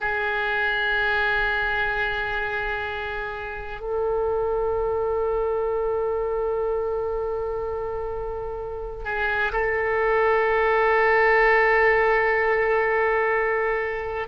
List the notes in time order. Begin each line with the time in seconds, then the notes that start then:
0.00 G#4
3.80 A4
9.04 G#4
9.52 A4